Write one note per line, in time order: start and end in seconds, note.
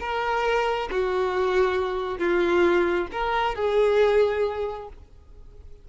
0.00 0.89 A#4
0.91 2.18 F#4
2.18 3.07 F4
3.12 3.55 A#4
3.55 4.88 G#4